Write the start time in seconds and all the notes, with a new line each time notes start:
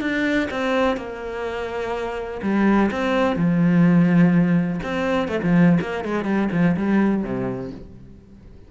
0.00 D4
0.50 C4
0.96 A#3
2.42 G3
2.91 C4
3.35 F3
4.83 C4
5.28 A3
5.42 F3
5.80 A#3
6.04 G#3
6.24 G3
6.51 F3
6.76 G3
7.23 C3